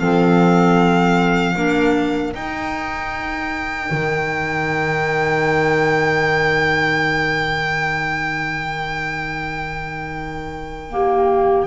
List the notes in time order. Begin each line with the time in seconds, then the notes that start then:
0.00 F3 C4 A4 F5
1.56 A#3 D4 A#4
2.33 D#4 G5
3.91 D#3
10.91 A#3 G4